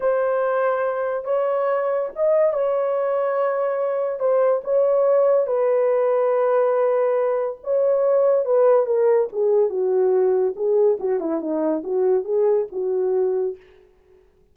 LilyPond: \new Staff \with { instrumentName = "horn" } { \time 4/4 \tempo 4 = 142 c''2. cis''4~ | cis''4 dis''4 cis''2~ | cis''2 c''4 cis''4~ | cis''4 b'2.~ |
b'2 cis''2 | b'4 ais'4 gis'4 fis'4~ | fis'4 gis'4 fis'8 e'8 dis'4 | fis'4 gis'4 fis'2 | }